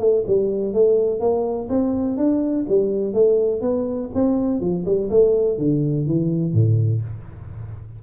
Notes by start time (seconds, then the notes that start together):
0.00 A3
0.27 G3
0.74 A3
1.20 A#3
1.69 C4
2.18 D4
2.69 G3
3.14 A3
3.62 B3
4.15 C4
4.61 F3
4.86 G3
5.10 A3
5.58 D3
6.07 E3
6.53 A2